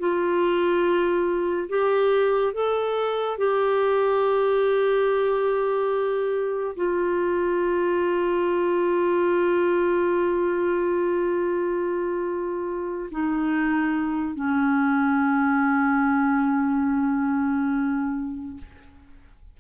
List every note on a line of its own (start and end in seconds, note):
0.00 1.69 F4
1.69 2.54 G4
2.54 3.38 A4
3.38 6.76 G4
6.76 13.10 F4
13.11 14.35 D#4
14.35 18.58 C#4